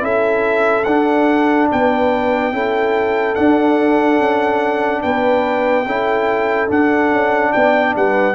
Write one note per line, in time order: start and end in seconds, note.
0.00 0.85 C#4
0.00 0.83 E4
0.00 1.70 A4
0.00 0.84 E5
0.84 1.69 D4
0.84 2.53 D4
0.84 1.67 F#5
1.71 2.52 B3
1.71 2.54 B4
1.71 3.35 G5
2.52 3.35 C#4
2.52 3.35 E4
2.52 5.02 A4
3.35 5.85 D4
3.35 4.19 D4
3.35 5.01 F#5
4.19 5.03 C#4
5.02 5.86 B3
5.02 5.85 B4
5.02 6.69 G5
5.86 6.69 C#4
5.86 6.67 E4
5.86 7.53 A4
6.67 8.34 D4
6.67 7.11 D4
6.67 7.52 F#5
7.11 7.53 C#4
7.52 7.95 B3
7.52 7.95 D5
7.52 7.94 G5
7.95 8.35 G3
7.95 8.35 B4
7.95 8.35 F#5